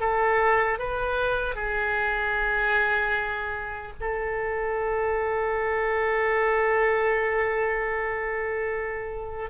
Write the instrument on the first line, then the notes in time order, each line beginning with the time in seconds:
oboe
0.00 A4
0.79 B4
1.55 G#4
4.00 A4